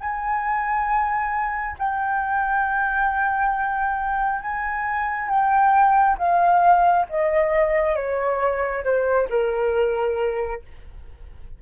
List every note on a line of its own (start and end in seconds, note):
0.00 1.76 G#5
1.79 4.42 G5
4.42 5.29 G#5
5.29 6.17 G5
6.18 7.06 F5
7.09 7.95 D#5
7.95 8.84 C#5
8.84 9.28 C5
9.30 10.62 A#4